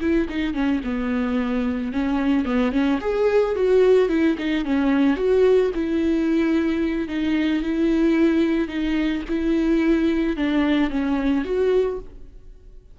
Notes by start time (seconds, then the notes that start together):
0.00 E4
0.29 D#4
0.54 C#4
0.84 B3
1.92 C#4
2.45 B3
2.71 C#4
3.00 G#4
3.55 F#4
4.08 E4
4.37 D#4
4.65 C#4
5.16 F#4
5.74 E4
7.07 D#4
7.62 E4
8.68 D#4
9.29 E4
10.36 D4
10.90 C#4
11.44 F#4